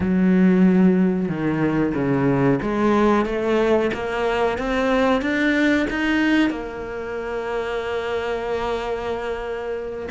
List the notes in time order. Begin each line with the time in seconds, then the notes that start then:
0.00 F#3
1.28 D#3
1.94 C#3
2.61 G#3
3.25 A3
3.93 A#3
4.58 C4
5.21 D4
5.89 D#4
6.50 A#3